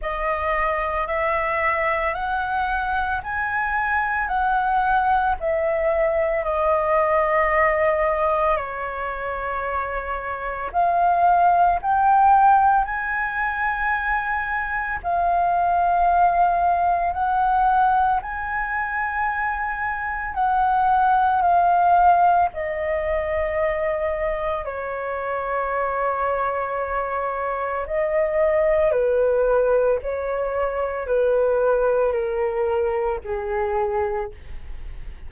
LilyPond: \new Staff \with { instrumentName = "flute" } { \time 4/4 \tempo 4 = 56 dis''4 e''4 fis''4 gis''4 | fis''4 e''4 dis''2 | cis''2 f''4 g''4 | gis''2 f''2 |
fis''4 gis''2 fis''4 | f''4 dis''2 cis''4~ | cis''2 dis''4 b'4 | cis''4 b'4 ais'4 gis'4 | }